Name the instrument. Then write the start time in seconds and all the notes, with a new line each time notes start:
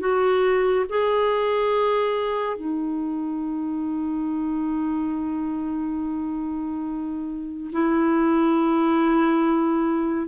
clarinet
0.00 F#4
0.90 G#4
2.57 D#4
7.73 E4